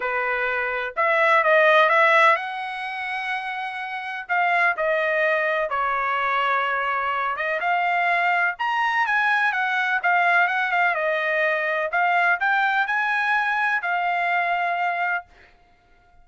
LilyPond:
\new Staff \with { instrumentName = "trumpet" } { \time 4/4 \tempo 4 = 126 b'2 e''4 dis''4 | e''4 fis''2.~ | fis''4 f''4 dis''2 | cis''2.~ cis''8 dis''8 |
f''2 ais''4 gis''4 | fis''4 f''4 fis''8 f''8 dis''4~ | dis''4 f''4 g''4 gis''4~ | gis''4 f''2. | }